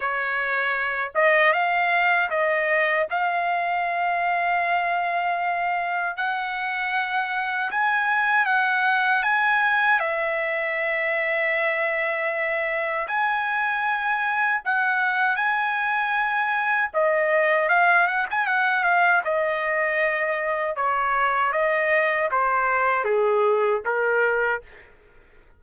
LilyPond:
\new Staff \with { instrumentName = "trumpet" } { \time 4/4 \tempo 4 = 78 cis''4. dis''8 f''4 dis''4 | f''1 | fis''2 gis''4 fis''4 | gis''4 e''2.~ |
e''4 gis''2 fis''4 | gis''2 dis''4 f''8 fis''16 gis''16 | fis''8 f''8 dis''2 cis''4 | dis''4 c''4 gis'4 ais'4 | }